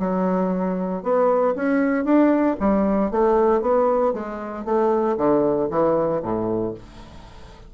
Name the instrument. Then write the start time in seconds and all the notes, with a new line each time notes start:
bassoon
0.00 F#3
1.03 B3
1.56 C#4
2.05 D4
2.60 G3
3.12 A3
3.62 B3
4.14 G#3
4.66 A3
5.18 D3
5.71 E3
6.23 A2